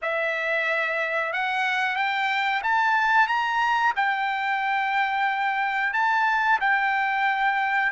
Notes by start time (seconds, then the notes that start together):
0.01 E5
1.32 F#5
1.96 G5
2.63 A5
3.27 A#5
3.96 G5
5.93 A5
6.60 G5